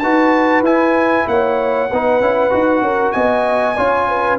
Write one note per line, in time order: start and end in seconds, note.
0.00 0.62 D#4
0.00 0.65 F#4
0.00 1.27 B4
0.00 0.62 A5
0.62 1.25 E4
0.62 1.90 E4
0.62 1.28 G#5
1.28 1.90 A#3
1.28 1.90 C#5
1.28 3.12 F#5
1.90 2.21 B3
1.90 2.22 D#4
1.90 2.83 B4
2.21 2.52 C#4
2.21 2.51 E4
2.51 2.82 D#4
2.51 3.76 F#4
2.82 3.13 C#4
2.82 3.14 A#4
3.12 3.78 B3
3.12 3.77 D#5
3.12 4.37 G#5
3.77 4.40 C#4
3.77 4.40 F4
3.77 4.08 C#5
4.08 4.40 B4